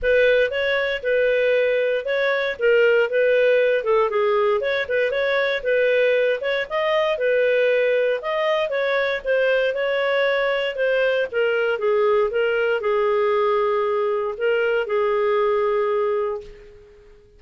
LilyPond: \new Staff \with { instrumentName = "clarinet" } { \time 4/4 \tempo 4 = 117 b'4 cis''4 b'2 | cis''4 ais'4 b'4. a'8 | gis'4 cis''8 b'8 cis''4 b'4~ | b'8 cis''8 dis''4 b'2 |
dis''4 cis''4 c''4 cis''4~ | cis''4 c''4 ais'4 gis'4 | ais'4 gis'2. | ais'4 gis'2. | }